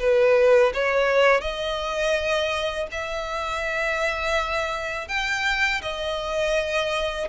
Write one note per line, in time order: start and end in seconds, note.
0.00 0.73 B4
0.74 1.41 C#5
1.41 2.88 D#5
2.92 5.09 E5
5.09 5.82 G5
5.82 7.29 D#5